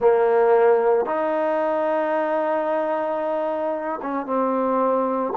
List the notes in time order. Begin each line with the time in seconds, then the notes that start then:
0.00 A#3
1.05 D#4
4.02 C#4
4.26 C4